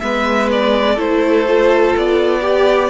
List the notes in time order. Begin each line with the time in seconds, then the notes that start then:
0.00 G#3 B3 B4 E5
0.51 D5
0.95 A3 E4 A4 C5
1.47 F4
1.96 B3 D5
2.40 G4